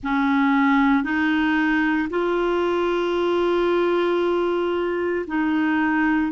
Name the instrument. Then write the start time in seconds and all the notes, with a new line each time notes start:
clarinet
0.03 C#4
1.03 D#4
2.10 F4
5.27 D#4